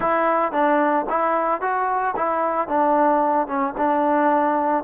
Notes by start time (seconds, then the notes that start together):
0.00 E4
0.52 D4
1.09 E4
1.61 F#4
2.16 E4
2.68 D4
3.47 C#4
3.77 D4